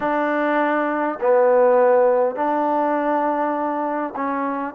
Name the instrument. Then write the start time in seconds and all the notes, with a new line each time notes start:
trombone
0.00 D4
1.20 B3
2.35 D4
4.16 C#4